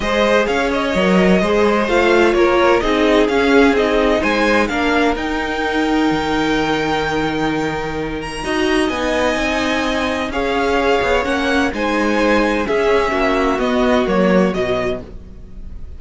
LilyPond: <<
  \new Staff \with { instrumentName = "violin" } { \time 4/4 \tempo 4 = 128 dis''4 f''8 dis''2~ dis''8 | f''4 cis''4 dis''4 f''4 | dis''4 gis''4 f''4 g''4~ | g''1~ |
g''4. ais''4. gis''4~ | gis''2 f''2 | fis''4 gis''2 e''4~ | e''4 dis''4 cis''4 dis''4 | }
  \new Staff \with { instrumentName = "violin" } { \time 4/4 c''4 cis''2 c''4~ | c''4 ais'4 gis'2~ | gis'4 c''4 ais'2~ | ais'1~ |
ais'2 dis''2~ | dis''2 cis''2~ | cis''4 c''2 gis'4 | fis'1 | }
  \new Staff \with { instrumentName = "viola" } { \time 4/4 gis'2 ais'4 gis'4 | f'2 dis'4 cis'4 | dis'2 d'4 dis'4~ | dis'1~ |
dis'2 fis'4 dis'4~ | dis'2 gis'2 | cis'4 dis'2 cis'4~ | cis'4 b4 ais4 fis4 | }
  \new Staff \with { instrumentName = "cello" } { \time 4/4 gis4 cis'4 fis4 gis4 | a4 ais4 c'4 cis'4 | c'4 gis4 ais4 dis'4~ | dis'4 dis2.~ |
dis2 dis'4 b4 | c'2 cis'4. b8 | ais4 gis2 cis'4 | ais4 b4 fis4 b,4 | }
>>